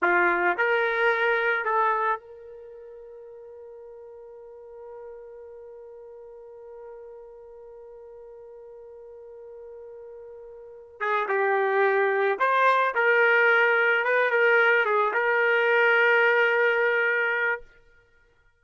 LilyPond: \new Staff \with { instrumentName = "trumpet" } { \time 4/4 \tempo 4 = 109 f'4 ais'2 a'4 | ais'1~ | ais'1~ | ais'1~ |
ais'1 | gis'8 g'2 c''4 ais'8~ | ais'4. b'8 ais'4 gis'8 ais'8~ | ais'1 | }